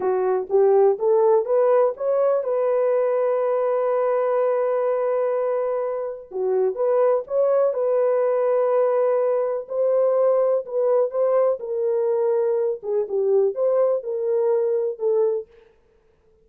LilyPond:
\new Staff \with { instrumentName = "horn" } { \time 4/4 \tempo 4 = 124 fis'4 g'4 a'4 b'4 | cis''4 b'2.~ | b'1~ | b'4 fis'4 b'4 cis''4 |
b'1 | c''2 b'4 c''4 | ais'2~ ais'8 gis'8 g'4 | c''4 ais'2 a'4 | }